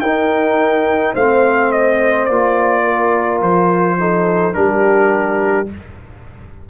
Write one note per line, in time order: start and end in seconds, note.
0.00 1.13 D#4
0.00 1.16 D#4
0.00 1.13 A#4
0.00 1.13 G5
1.13 2.28 A3
1.13 2.30 C4
1.13 2.83 C5
1.13 1.72 F5
1.72 2.25 D#5
2.25 3.41 A#3
2.25 3.99 F4
2.25 3.38 D5
2.84 3.97 A#4
3.41 4.54 F3
3.41 4.54 C5
3.99 4.53 D#4
3.99 4.56 A4
4.53 5.69 G3
4.53 5.66 D4
4.53 5.69 G4
4.53 5.67 A#4